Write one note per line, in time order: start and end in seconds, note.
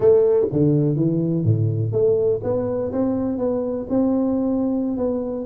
0.00 0.46 A3
0.51 0.96 D3
0.96 1.44 E3
1.44 1.92 A2
1.92 2.40 A3
2.43 2.91 B3
2.91 3.38 C4
3.38 3.86 B3
3.89 4.97 C4
4.97 5.45 B3